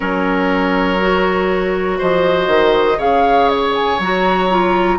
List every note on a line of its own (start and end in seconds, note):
0.00 2.00 F#3
0.00 0.99 C#4
0.00 1.98 A#4
0.00 1.99 C#5
1.00 2.98 F#4
1.98 2.47 F3
1.98 2.98 C5
1.98 3.00 D#5
2.47 2.97 D#3
2.98 3.98 C#3
2.98 3.98 G#4
2.98 4.98 C#5
2.98 3.49 F5
3.49 3.74 C#5
3.75 4.00 G#5
3.99 4.99 F#3
3.99 4.50 F#4
3.99 4.99 A#5
4.50 4.99 F4